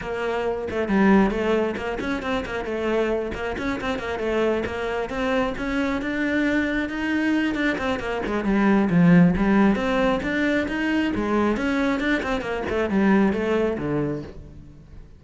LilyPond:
\new Staff \with { instrumentName = "cello" } { \time 4/4 \tempo 4 = 135 ais4. a8 g4 a4 | ais8 cis'8 c'8 ais8 a4. ais8 | cis'8 c'8 ais8 a4 ais4 c'8~ | c'8 cis'4 d'2 dis'8~ |
dis'4 d'8 c'8 ais8 gis8 g4 | f4 g4 c'4 d'4 | dis'4 gis4 cis'4 d'8 c'8 | ais8 a8 g4 a4 d4 | }